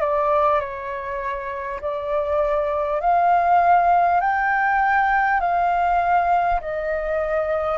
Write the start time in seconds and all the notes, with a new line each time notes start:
0.00 D5
0.60 C#5
1.81 D5
3.01 F5
4.21 G5
5.40 F5
6.60 D#5